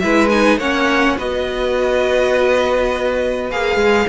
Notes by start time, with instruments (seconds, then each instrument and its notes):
0.00 cello G#3, viola E4, violin B4 E5
0.30 viola D#4, violin G#5
0.58 cello A#3, viola C#4, violin C#5 F#5
1.17 cello B3, viola F#4, violin B4 D#5
3.51 cello A#3, viola G#4, violin F5
3.76 cello G#3